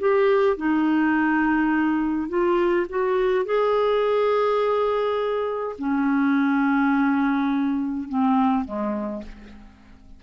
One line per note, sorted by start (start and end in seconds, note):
0.00 0.57 G4
0.57 2.29 D#4
2.29 2.87 F4
2.90 3.45 F#4
3.45 5.76 G#4
5.79 8.09 C#4
8.09 8.65 C4
8.65 9.23 G#3